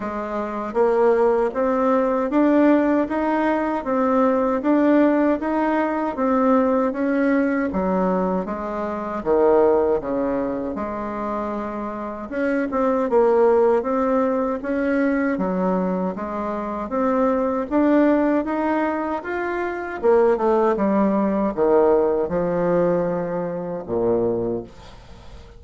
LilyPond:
\new Staff \with { instrumentName = "bassoon" } { \time 4/4 \tempo 4 = 78 gis4 ais4 c'4 d'4 | dis'4 c'4 d'4 dis'4 | c'4 cis'4 fis4 gis4 | dis4 cis4 gis2 |
cis'8 c'8 ais4 c'4 cis'4 | fis4 gis4 c'4 d'4 | dis'4 f'4 ais8 a8 g4 | dis4 f2 ais,4 | }